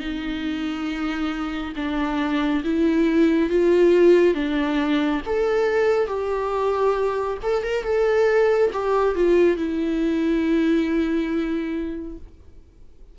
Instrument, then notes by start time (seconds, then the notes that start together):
viola
0.00 D#4
1.76 D4
2.64 E4
3.50 F4
4.35 D4
5.26 A4
6.08 G4
7.43 A4
7.64 A#4
7.84 A4
8.74 G4
9.16 F4
9.57 E4